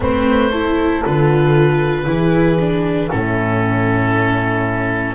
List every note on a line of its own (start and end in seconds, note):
0.00 1.03 A3
0.00 0.51 C4
0.00 0.51 B4
0.00 1.05 C5
0.51 1.04 E4
0.51 2.06 A4
1.04 2.06 D3
1.04 2.05 F4
1.04 3.10 B4
2.05 3.09 E3
2.05 2.57 E4
2.05 3.11 G#4
2.59 3.10 D4
3.10 5.15 A2
3.10 5.15 C#4
3.10 5.15 E4
3.10 5.15 A4